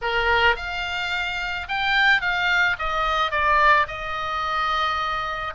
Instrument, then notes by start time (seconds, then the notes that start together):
oboe
0.01 A#4
0.56 F5
1.68 G5
2.21 F5
2.78 D#5
3.31 D5
3.87 D#5